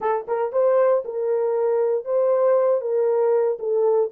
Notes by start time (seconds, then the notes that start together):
0.00 A4
0.27 A#4
0.52 C5
1.04 A#4
2.04 C5
2.81 A#4
3.59 A4